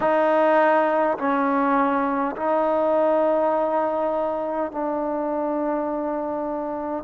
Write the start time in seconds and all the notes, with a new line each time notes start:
0.00 D#4
1.18 C#4
2.36 D#4
4.71 D4